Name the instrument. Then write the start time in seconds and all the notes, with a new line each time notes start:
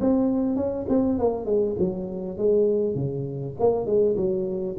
tuba
0.00 C4
0.56 C#4
0.88 C4
1.18 A#3
1.45 G#3
1.78 F#3
2.37 G#3
2.95 C#3
3.59 A#3
3.86 G#3
4.16 F#3